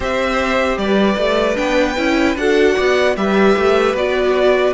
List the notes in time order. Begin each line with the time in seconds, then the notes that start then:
0.00 C4 G4 C5 E5
0.77 G3 B4 D5
1.17 A3
1.55 B3 D4 G5
1.97 C#4 E4
2.36 D4 F#4 A4 F#5
2.75 B3 D5
3.16 G3 G4 B4 E5
3.56 A3
3.93 B3 F#4 D5